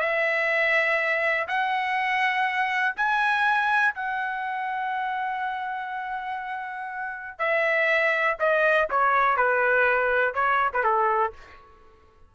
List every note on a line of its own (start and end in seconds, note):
0.00 1.48 E5
1.48 2.95 F#5
2.96 3.95 G#5
3.95 7.39 F#5
7.39 8.37 E5
8.40 8.89 D#5
8.90 9.37 C#5
9.37 10.34 B4
10.34 10.71 C#5
10.74 10.84 B4
10.84 11.33 A4